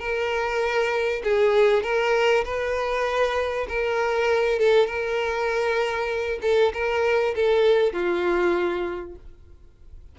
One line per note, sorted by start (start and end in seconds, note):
0.00 1.22 A#4
1.24 1.83 G#4
1.83 2.45 A#4
2.45 3.67 B4
3.69 4.59 A#4
4.59 4.87 A4
4.87 6.40 A#4
6.42 6.73 A4
6.74 7.35 A#4
7.36 7.93 A4
7.93 9.16 F4